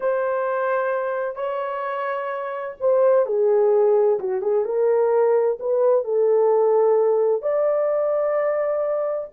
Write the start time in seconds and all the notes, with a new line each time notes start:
0.00 C5
1.35 C#5
2.79 C5
3.26 G#4
4.19 F#4
4.41 G#4
4.64 A#4
5.59 B4
6.04 A4
7.42 D5